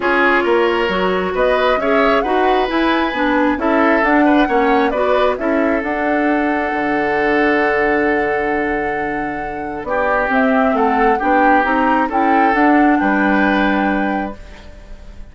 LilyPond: <<
  \new Staff \with { instrumentName = "flute" } { \time 4/4 \tempo 4 = 134 cis''2. dis''4 | e''4 fis''4 gis''2 | e''4 fis''2 d''4 | e''4 fis''2.~ |
fis''1~ | fis''2 d''4 e''4 | fis''4 g''4 ais''4 g''4 | fis''4 g''2. | }
  \new Staff \with { instrumentName = "oboe" } { \time 4/4 gis'4 ais'2 b'4 | cis''4 b'2. | a'4. b'8 cis''4 b'4 | a'1~ |
a'1~ | a'2 g'2 | a'4 g'2 a'4~ | a'4 b'2. | }
  \new Staff \with { instrumentName = "clarinet" } { \time 4/4 f'2 fis'2 | gis'4 fis'4 e'4 d'4 | e'4 d'4 cis'4 fis'4 | e'4 d'2.~ |
d'1~ | d'2. c'4~ | c'4 d'4 dis'4 e'4 | d'1 | }
  \new Staff \with { instrumentName = "bassoon" } { \time 4/4 cis'4 ais4 fis4 b4 | cis'4 dis'4 e'4 b4 | cis'4 d'4 ais4 b4 | cis'4 d'2 d4~ |
d1~ | d2 b4 c'4 | a4 b4 c'4 cis'4 | d'4 g2. | }
>>